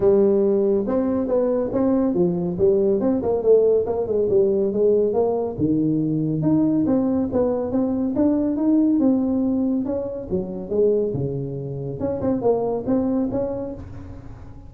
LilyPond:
\new Staff \with { instrumentName = "tuba" } { \time 4/4 \tempo 4 = 140 g2 c'4 b4 | c'4 f4 g4 c'8 ais8 | a4 ais8 gis8 g4 gis4 | ais4 dis2 dis'4 |
c'4 b4 c'4 d'4 | dis'4 c'2 cis'4 | fis4 gis4 cis2 | cis'8 c'8 ais4 c'4 cis'4 | }